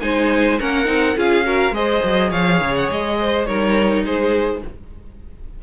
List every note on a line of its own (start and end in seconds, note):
0.00 0.59 G#3
0.00 0.58 D#4
0.00 0.59 C5
0.00 0.58 G#5
0.59 0.87 A#3
0.59 0.84 C#4
0.59 1.17 A#4
0.59 1.18 F#5
0.84 1.16 C4
0.84 1.13 D#4
1.16 1.71 C#4
1.16 1.44 F4
1.16 1.45 G#4
1.16 1.74 F5
1.44 1.72 F#4
1.44 1.74 A#4
1.71 2.00 G#3
1.71 3.47 G#4
1.71 2.30 C5
1.71 2.31 D#5
2.04 2.31 F#3
2.30 2.60 F3
2.30 3.16 C#5
2.30 2.75 F5
2.60 2.89 C#3
2.75 2.90 F#5
2.90 3.47 G#3
2.90 3.45 D#5
3.19 3.48 C5
3.45 4.04 G3
3.45 4.62 D#4
3.45 4.04 A#4
3.45 4.03 C#5
4.04 4.62 G#3
4.04 4.62 G#4
4.04 4.63 C5